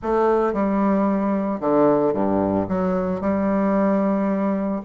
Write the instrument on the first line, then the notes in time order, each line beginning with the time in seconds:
bassoon
0.02 A3
0.53 G3
1.60 D3
2.13 G2
2.68 F#3
3.20 G3